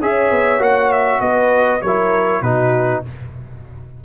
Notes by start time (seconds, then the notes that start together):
0.00 C#4 G#4 C#5 E5
0.30 B3
0.59 A#3 F#4 F#5
0.92 E5
1.20 B3 B4 D#5
1.81 F#3 E4 A#4 C#5
2.42 B2 D#4 F#4 B4